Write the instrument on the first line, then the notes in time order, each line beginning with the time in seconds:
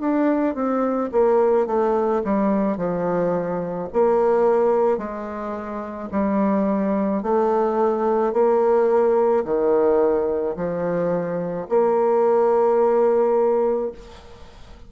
bassoon
0.00 D4
0.55 C4
1.12 A#3
1.67 A3
2.24 G3
2.77 F3
3.93 A#3
4.98 G#3
6.11 G3
7.22 A3
8.33 A#3
9.44 D#3
10.56 F3
11.69 A#3